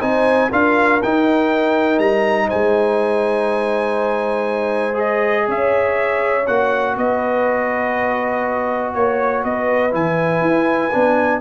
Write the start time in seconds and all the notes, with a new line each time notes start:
0.00 C4 D#4 C5 G#5
0.50 D4 F4 A#4 F5
1.03 D#4 G5
1.99 G3 A#5
2.47 G#3 C5 G#5
4.94 G#4 D#5
5.47 C#4 C#5 E5
6.47 A#3 F#4 F#5
6.96 B3 B4 D#5
8.94 A#3 C#5
9.44 B3 B4 D#5
9.91 E3 E4 G#5
10.41 E4
10.92 B3 D4